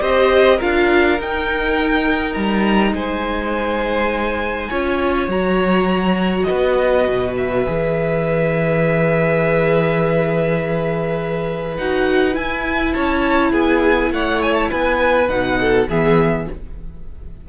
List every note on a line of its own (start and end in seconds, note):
0.00 0.60 C4
0.00 0.59 G4
0.00 0.57 C5
0.00 0.60 D#5
0.57 1.19 D4
0.57 1.18 F4
0.57 2.92 A#4
0.57 1.19 F5
1.19 2.36 D#4
1.19 4.70 D#4
1.19 2.33 G5
2.33 2.92 G3
2.33 2.92 A#5
2.92 4.68 G#3
2.92 4.70 C5
2.92 5.30 G#5
4.70 5.27 C#4
4.70 5.29 F4
4.70 6.46 C#5
5.27 6.45 F#3
5.27 7.64 F#4
5.27 6.43 A#5
6.43 12.93 B4
6.43 7.31 D#5
6.50 7.07 B3
7.07 7.66 B2
7.37 11.76 E5
7.65 11.77 E3
7.65 11.77 G#4
11.76 12.35 D#4
11.76 12.33 F#4
11.76 12.35 F#5
12.33 15.27 E4
12.33 12.94 E4
12.33 12.93 G#5
12.93 13.52 C#4
12.93 13.51 C#5
12.93 13.52 A5
13.51 14.11 B3
13.51 14.10 G#4
13.51 14.12 G#5
14.11 14.70 A3
14.11 14.70 C#5
14.11 14.42 F#5
14.42 14.53 G#5
14.53 14.68 A5
14.70 15.29 B3
14.70 15.59 B4
14.70 15.29 G#5
15.28 15.87 B2
15.28 15.87 D#4
15.28 15.87 F#5
15.60 15.89 A4
15.89 16.48 E3
15.89 16.48 B3
15.89 16.47 G#4
15.89 16.49 E5